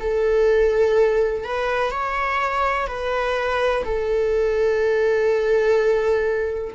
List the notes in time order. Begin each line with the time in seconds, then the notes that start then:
0.00 A4
1.45 B4
1.91 C#5
2.88 B4
3.85 A4